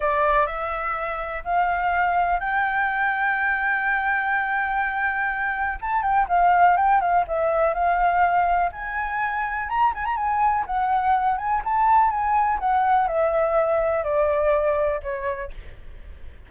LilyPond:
\new Staff \with { instrumentName = "flute" } { \time 4/4 \tempo 4 = 124 d''4 e''2 f''4~ | f''4 g''2.~ | g''1 | a''8 g''8 f''4 g''8 f''8 e''4 |
f''2 gis''2 | ais''8 gis''16 ais''16 gis''4 fis''4. gis''8 | a''4 gis''4 fis''4 e''4~ | e''4 d''2 cis''4 | }